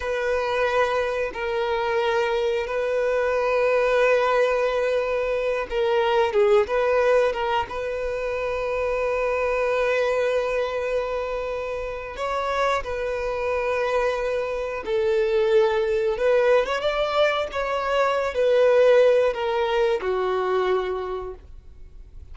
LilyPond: \new Staff \with { instrumentName = "violin" } { \time 4/4 \tempo 4 = 90 b'2 ais'2 | b'1~ | b'8 ais'4 gis'8 b'4 ais'8 b'8~ | b'1~ |
b'2~ b'16 cis''4 b'8.~ | b'2~ b'16 a'4.~ a'16~ | a'16 b'8. cis''16 d''4 cis''4~ cis''16 b'8~ | b'4 ais'4 fis'2 | }